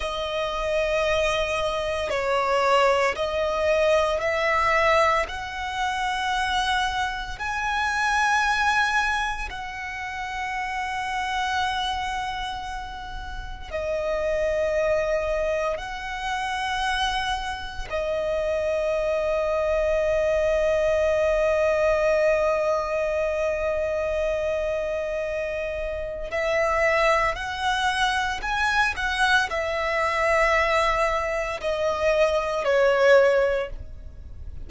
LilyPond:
\new Staff \with { instrumentName = "violin" } { \time 4/4 \tempo 4 = 57 dis''2 cis''4 dis''4 | e''4 fis''2 gis''4~ | gis''4 fis''2.~ | fis''4 dis''2 fis''4~ |
fis''4 dis''2.~ | dis''1~ | dis''4 e''4 fis''4 gis''8 fis''8 | e''2 dis''4 cis''4 | }